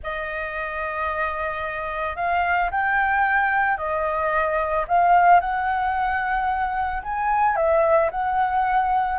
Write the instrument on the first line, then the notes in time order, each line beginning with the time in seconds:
flute
0.03 D#5
2.16 F5
2.70 G5
3.77 D#5
4.87 F5
5.40 F#5
7.02 G#5
7.56 E5
8.10 F#5